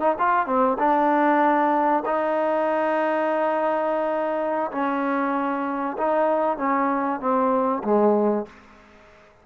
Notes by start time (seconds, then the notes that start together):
0.00 D#4
0.18 F4
0.46 C4
0.78 D4
2.05 D#4
4.72 C#4
5.97 D#4
6.58 C#4
7.20 C4
7.84 G#3